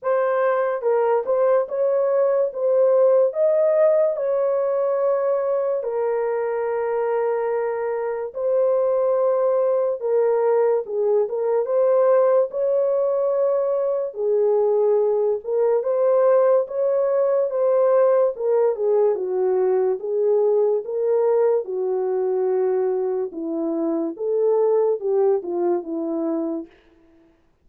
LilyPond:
\new Staff \with { instrumentName = "horn" } { \time 4/4 \tempo 4 = 72 c''4 ais'8 c''8 cis''4 c''4 | dis''4 cis''2 ais'4~ | ais'2 c''2 | ais'4 gis'8 ais'8 c''4 cis''4~ |
cis''4 gis'4. ais'8 c''4 | cis''4 c''4 ais'8 gis'8 fis'4 | gis'4 ais'4 fis'2 | e'4 a'4 g'8 f'8 e'4 | }